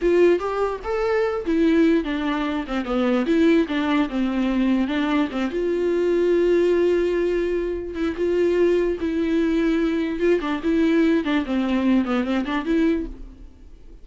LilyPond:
\new Staff \with { instrumentName = "viola" } { \time 4/4 \tempo 4 = 147 f'4 g'4 a'4. e'8~ | e'4 d'4. c'8 b4 | e'4 d'4 c'2 | d'4 c'8 f'2~ f'8~ |
f'2.~ f'8 e'8 | f'2 e'2~ | e'4 f'8 d'8 e'4. d'8 | c'4. b8 c'8 d'8 e'4 | }